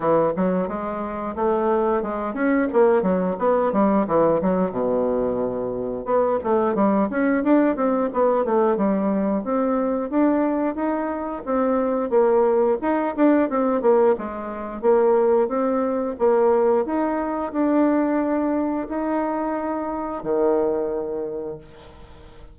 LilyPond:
\new Staff \with { instrumentName = "bassoon" } { \time 4/4 \tempo 4 = 89 e8 fis8 gis4 a4 gis8 cis'8 | ais8 fis8 b8 g8 e8 fis8 b,4~ | b,4 b8 a8 g8 cis'8 d'8 c'8 | b8 a8 g4 c'4 d'4 |
dis'4 c'4 ais4 dis'8 d'8 | c'8 ais8 gis4 ais4 c'4 | ais4 dis'4 d'2 | dis'2 dis2 | }